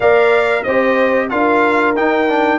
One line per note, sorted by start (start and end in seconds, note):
0.00 0.65 A#3
0.00 0.66 A#4
0.00 0.63 D5
0.00 0.63 F5
0.63 1.31 C4
0.63 1.30 G4
0.63 1.29 C5
0.63 1.28 D#5
1.29 1.96 D4
1.29 1.95 F4
1.29 2.59 A#4
1.29 1.94 F5
1.96 2.28 D#4
1.96 2.59 D#4
1.96 2.59 G5
2.28 2.59 D4